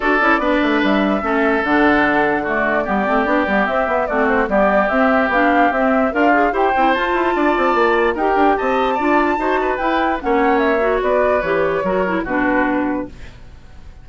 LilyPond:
<<
  \new Staff \with { instrumentName = "flute" } { \time 4/4 \tempo 4 = 147 d''2 e''2 | fis''2 d''2~ | d''4 e''4 d''8 c''8 d''4 | e''4 f''4 e''4 f''4 |
g''4 a''2. | g''4 a''2. | g''4 fis''4 e''4 d''4 | cis''2 b'2 | }
  \new Staff \with { instrumentName = "oboe" } { \time 4/4 a'4 b'2 a'4~ | a'2 fis'4 g'4~ | g'2 fis'4 g'4~ | g'2. f'4 |
c''2 d''2 | ais'4 dis''4 d''4 c''8 b'8~ | b'4 cis''2 b'4~ | b'4 ais'4 fis'2 | }
  \new Staff \with { instrumentName = "clarinet" } { \time 4/4 fis'8 e'8 d'2 cis'4 | d'2 a4 b8 c'8 | d'8 b8 c'8 b8 c'4 b4 | c'4 d'4 c'4 ais'8 gis'8 |
g'8 e'8 f'2. | g'2 f'4 fis'4 | e'4 cis'4. fis'4. | g'4 fis'8 e'8 d'2 | }
  \new Staff \with { instrumentName = "bassoon" } { \time 4/4 d'8 cis'8 b8 a8 g4 a4 | d2. g8 a8 | b8 g8 c'8 b8 a4 g4 | c'4 b4 c'4 d'4 |
e'8 c'8 f'8 e'8 d'8 c'8 ais4 | dis'8 d'8 c'4 d'4 dis'4 | e'4 ais2 b4 | e4 fis4 b,2 | }
>>